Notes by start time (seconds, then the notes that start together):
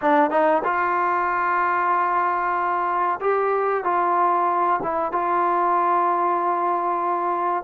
0.01 D4
0.30 D#4
0.64 F4
3.20 G4
3.84 F4
4.82 E4
5.12 F4